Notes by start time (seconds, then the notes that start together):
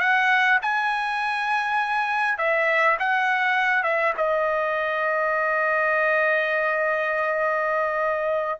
0.00 F#5
0.62 G#5
2.38 E5
2.99 F#5
3.84 E5
4.18 D#5